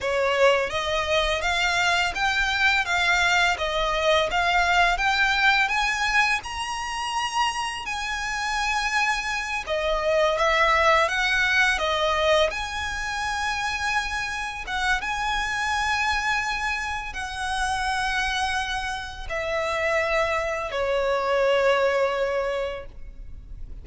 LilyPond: \new Staff \with { instrumentName = "violin" } { \time 4/4 \tempo 4 = 84 cis''4 dis''4 f''4 g''4 | f''4 dis''4 f''4 g''4 | gis''4 ais''2 gis''4~ | gis''4. dis''4 e''4 fis''8~ |
fis''8 dis''4 gis''2~ gis''8~ | gis''8 fis''8 gis''2. | fis''2. e''4~ | e''4 cis''2. | }